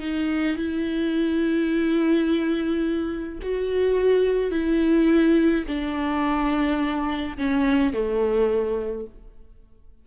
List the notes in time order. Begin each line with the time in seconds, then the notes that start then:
0.00 D#4
0.57 E4
3.42 F#4
4.51 E4
5.68 D4
7.38 C#4
7.93 A3